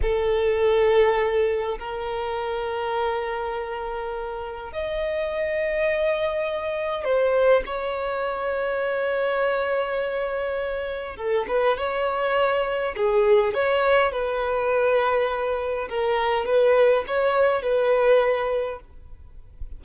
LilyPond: \new Staff \with { instrumentName = "violin" } { \time 4/4 \tempo 4 = 102 a'2. ais'4~ | ais'1 | dis''1 | c''4 cis''2.~ |
cis''2. a'8 b'8 | cis''2 gis'4 cis''4 | b'2. ais'4 | b'4 cis''4 b'2 | }